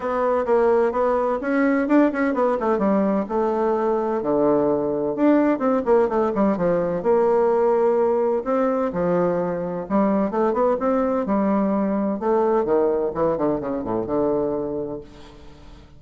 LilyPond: \new Staff \with { instrumentName = "bassoon" } { \time 4/4 \tempo 4 = 128 b4 ais4 b4 cis'4 | d'8 cis'8 b8 a8 g4 a4~ | a4 d2 d'4 | c'8 ais8 a8 g8 f4 ais4~ |
ais2 c'4 f4~ | f4 g4 a8 b8 c'4 | g2 a4 dis4 | e8 d8 cis8 a,8 d2 | }